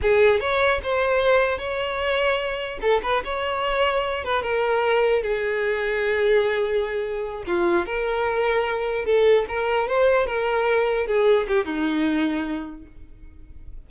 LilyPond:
\new Staff \with { instrumentName = "violin" } { \time 4/4 \tempo 4 = 149 gis'4 cis''4 c''2 | cis''2. a'8 b'8 | cis''2~ cis''8 b'8 ais'4~ | ais'4 gis'2.~ |
gis'2~ gis'8 f'4 ais'8~ | ais'2~ ais'8 a'4 ais'8~ | ais'8 c''4 ais'2 gis'8~ | gis'8 g'8 dis'2. | }